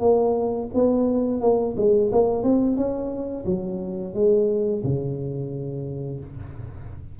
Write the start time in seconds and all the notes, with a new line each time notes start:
0.00 A#3
0.74 B3
1.41 A#3
1.77 G#3
2.12 A#3
2.44 C4
2.77 C#4
3.46 F#3
4.14 G#3
4.84 C#3